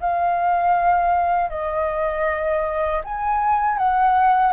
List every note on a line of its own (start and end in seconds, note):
0.00 1.49 F5
1.49 3.01 D#5
3.04 3.77 G#5
3.77 4.53 F#5